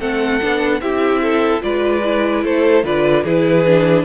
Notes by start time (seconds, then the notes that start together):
0.00 A3 C4 A4 F#5
0.41 B3 D4
0.81 C4 E4 G4 E5
1.23 A4
1.61 G#3 F4 B4 D5
2.05 E4
2.45 A3 A4 C5
2.84 D3 F4 B4 D5
3.24 E3 E4 G#4 B4
3.66 D4